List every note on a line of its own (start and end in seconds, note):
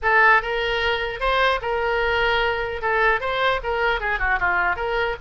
0.02 0.41 A4
0.41 1.20 A#4
1.20 1.60 C5
1.61 2.81 A#4
2.81 3.20 A4
3.20 3.60 C5
3.63 4.00 A#4
4.00 4.19 G#4
4.19 4.39 F#4
4.39 4.75 F4
4.75 5.15 A#4